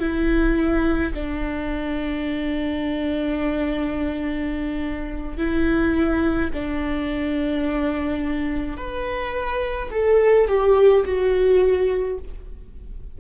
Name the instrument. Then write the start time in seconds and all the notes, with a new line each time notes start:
viola
0.00 E4
1.14 D4
5.37 E4
6.53 D4
8.77 B4
9.91 A4
10.48 G4
11.05 F#4